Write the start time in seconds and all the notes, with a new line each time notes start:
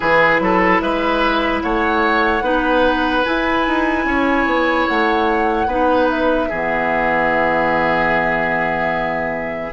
0.00 E3 E4 G#4 B4
0.40 F#3 A4
0.80 G#3 B4 E5
1.62 A3 C#5 F#5
2.41 B3 D#4 B4
3.24 E4 G#5
3.67 D#4
4.05 C#4 C#5
4.45 B3
4.87 A3 F#5
5.66 B3 D#4 B4
6.09 E5
6.48 E3 B3 G#4